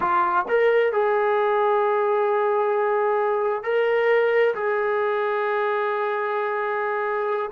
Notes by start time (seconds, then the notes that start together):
0.00 F4
0.48 A#4
0.92 G#4
3.63 A#4
4.54 G#4